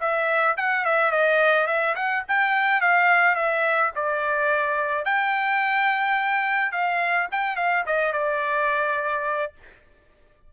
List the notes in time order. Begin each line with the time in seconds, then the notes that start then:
0.00 E5
0.57 F#5
0.85 E5
1.11 D#5
1.67 E5
1.95 F#5
2.28 G5
2.81 F5
3.35 E5
3.95 D5
5.05 G5
6.72 F5
7.32 G5
7.56 F5
7.86 D#5
8.13 D5